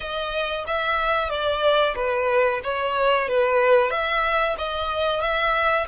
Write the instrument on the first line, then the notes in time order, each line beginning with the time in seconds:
violin
0.00 D#5
0.67 E5
1.29 D5
1.95 B4
2.63 C#5
3.28 B4
3.90 E5
4.58 D#5
5.21 E5